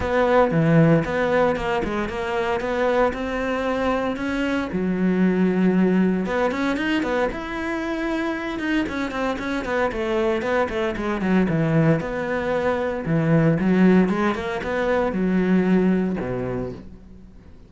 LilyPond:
\new Staff \with { instrumentName = "cello" } { \time 4/4 \tempo 4 = 115 b4 e4 b4 ais8 gis8 | ais4 b4 c'2 | cis'4 fis2. | b8 cis'8 dis'8 b8 e'2~ |
e'8 dis'8 cis'8 c'8 cis'8 b8 a4 | b8 a8 gis8 fis8 e4 b4~ | b4 e4 fis4 gis8 ais8 | b4 fis2 b,4 | }